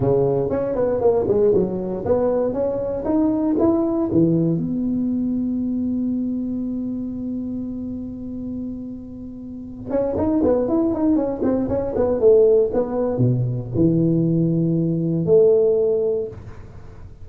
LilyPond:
\new Staff \with { instrumentName = "tuba" } { \time 4/4 \tempo 4 = 118 cis4 cis'8 b8 ais8 gis8 fis4 | b4 cis'4 dis'4 e'4 | e4 b2.~ | b1~ |
b2.~ b8 cis'8 | dis'8 b8 e'8 dis'8 cis'8 c'8 cis'8 b8 | a4 b4 b,4 e4~ | e2 a2 | }